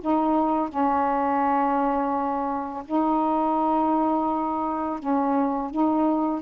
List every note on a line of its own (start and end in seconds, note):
0.00 0.69 D#4
0.69 2.83 C#4
2.85 4.99 D#4
4.99 5.70 C#4
5.70 6.41 D#4